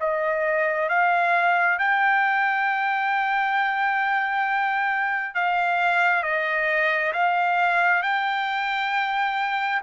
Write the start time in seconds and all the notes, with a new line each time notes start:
0.00 D#5
0.89 F5
1.79 G5
5.35 F5
6.23 D#5
7.13 F5
8.02 G5